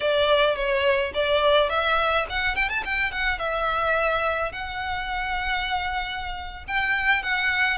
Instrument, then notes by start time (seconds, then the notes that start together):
violin
0.00 D5
0.55 C#5
1.14 D5
1.69 E5
2.29 F#5
2.55 G5
2.69 A5
2.85 G5
3.11 F#5
3.38 E5
4.52 F#5
6.67 G5
7.22 F#5